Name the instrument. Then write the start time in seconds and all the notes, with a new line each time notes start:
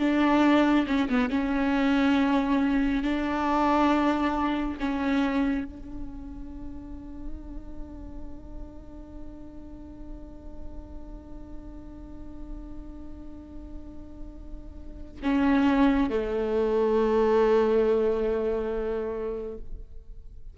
viola
0.00 D4
0.87 C#4
1.09 B3
1.30 C#4
3.04 D4
4.80 C#4
5.65 D4
15.23 C#4
16.10 A3